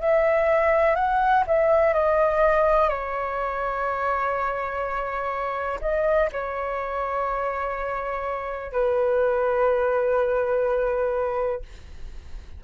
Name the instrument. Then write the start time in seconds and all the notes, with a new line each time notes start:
flute
0.00 E5
0.95 F#5
1.46 E5
1.93 D#5
2.89 C#5
5.81 D#5
6.32 C#5
8.71 B4